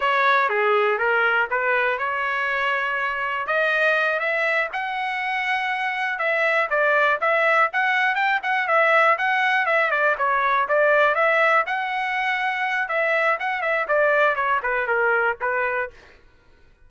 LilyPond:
\new Staff \with { instrumentName = "trumpet" } { \time 4/4 \tempo 4 = 121 cis''4 gis'4 ais'4 b'4 | cis''2. dis''4~ | dis''8 e''4 fis''2~ fis''8~ | fis''8 e''4 d''4 e''4 fis''8~ |
fis''8 g''8 fis''8 e''4 fis''4 e''8 | d''8 cis''4 d''4 e''4 fis''8~ | fis''2 e''4 fis''8 e''8 | d''4 cis''8 b'8 ais'4 b'4 | }